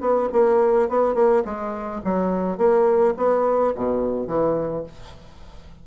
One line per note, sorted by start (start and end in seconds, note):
0.00 0.28 B3
0.32 0.89 A#3
0.89 1.14 B3
1.14 1.43 A#3
1.44 2.01 G#3
2.04 2.57 F#3
2.57 3.14 A#3
3.17 3.73 B3
3.75 4.27 B2
4.27 4.83 E3